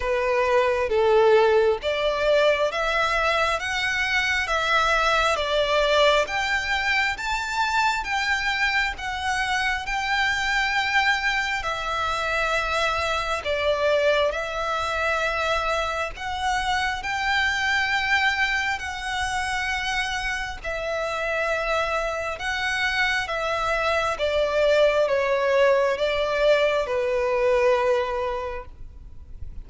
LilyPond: \new Staff \with { instrumentName = "violin" } { \time 4/4 \tempo 4 = 67 b'4 a'4 d''4 e''4 | fis''4 e''4 d''4 g''4 | a''4 g''4 fis''4 g''4~ | g''4 e''2 d''4 |
e''2 fis''4 g''4~ | g''4 fis''2 e''4~ | e''4 fis''4 e''4 d''4 | cis''4 d''4 b'2 | }